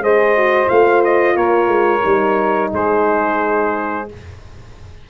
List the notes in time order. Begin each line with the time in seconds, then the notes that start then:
0.00 G#3 G#4 C5 D#5
0.36 F#4
0.66 A3 F4 F5
1.04 D#5
1.35 A#3 A#4 C#5
1.67 G#3
2.02 G3 D#4
2.72 G#3 G#4 C5